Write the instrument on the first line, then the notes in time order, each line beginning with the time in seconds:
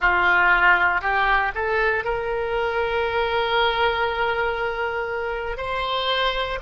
oboe
0.00 F4
1.01 G4
1.54 A4
2.04 A#4
5.57 C5